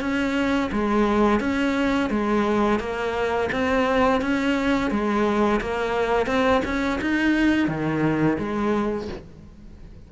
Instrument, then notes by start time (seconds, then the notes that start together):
cello
0.00 C#4
0.72 G#3
1.40 C#4
2.10 G#3
2.79 A#3
3.52 C4
4.21 C#4
4.90 G#3
5.61 A#3
6.26 C4
6.64 C#4
7.01 D#4
7.67 D#3
8.38 G#3